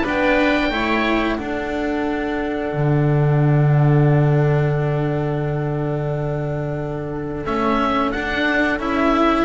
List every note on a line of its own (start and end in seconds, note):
0.00 0.70 B3
0.00 0.71 D4
0.00 0.67 B4
0.07 1.37 G5
0.70 1.37 A3
0.70 1.38 E4
0.70 1.37 C#5
1.37 7.45 D4
1.37 2.72 D4
1.37 9.45 A4
1.37 7.43 F#5
2.72 7.44 D3
7.45 8.13 A3
7.45 8.13 C#4
7.45 8.11 E5
8.11 8.78 D4
8.11 8.79 D4
8.11 8.78 F#5
8.78 9.45 C#4
8.78 9.45 E4
8.78 9.45 E5